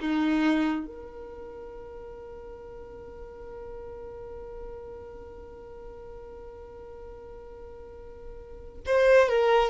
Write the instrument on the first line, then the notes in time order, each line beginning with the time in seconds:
violin
0.00 D#4
0.86 A#4
8.86 C5
9.28 A#4